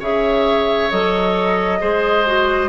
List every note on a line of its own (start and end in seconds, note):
0.00 0.90 C#3
0.00 0.90 G#4
0.00 1.79 C#5
0.00 0.91 E5
0.91 1.82 F#3
0.91 1.80 A4
0.91 2.69 D#5
1.80 2.69 G#3
1.80 2.25 G#4
1.80 2.69 C5
2.26 2.69 F#4